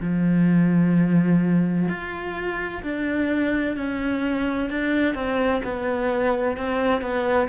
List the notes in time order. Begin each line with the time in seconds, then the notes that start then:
0.00 F3
1.88 F4
2.83 D4
3.76 C#4
4.70 D4
5.14 C4
5.64 B3
6.57 C4
7.01 B3